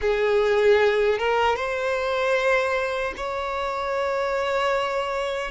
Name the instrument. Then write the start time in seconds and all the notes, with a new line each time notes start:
violin
0.01 G#4
1.18 A#4
1.56 C5
3.16 C#5